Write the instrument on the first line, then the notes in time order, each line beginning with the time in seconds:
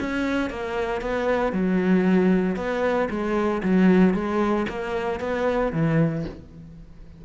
cello
0.00 C#4
0.50 A#3
1.01 B3
1.52 F#3
2.56 B3
3.09 G#3
3.63 F#3
4.14 G#3
4.68 A#3
5.20 B3
5.72 E3